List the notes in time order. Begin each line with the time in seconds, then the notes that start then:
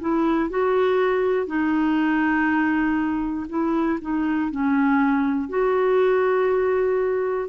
0.00 E4
0.50 F#4
1.47 D#4
3.49 E4
4.01 D#4
4.51 C#4
5.49 F#4